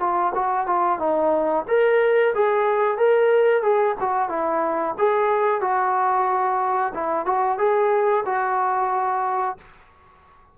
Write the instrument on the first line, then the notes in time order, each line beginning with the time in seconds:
trombone
0.00 F4
0.35 F#4
0.67 F4
0.99 D#4
1.68 A#4
2.35 G#4
2.98 A#4
3.63 G#4
4.00 F#4
4.29 E4
4.98 G#4
5.61 F#4
6.95 E4
7.26 F#4
7.59 G#4
8.26 F#4